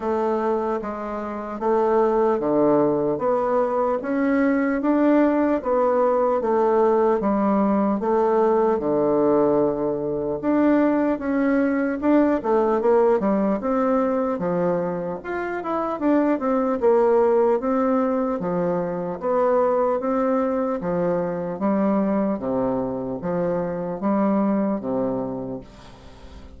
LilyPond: \new Staff \with { instrumentName = "bassoon" } { \time 4/4 \tempo 4 = 75 a4 gis4 a4 d4 | b4 cis'4 d'4 b4 | a4 g4 a4 d4~ | d4 d'4 cis'4 d'8 a8 |
ais8 g8 c'4 f4 f'8 e'8 | d'8 c'8 ais4 c'4 f4 | b4 c'4 f4 g4 | c4 f4 g4 c4 | }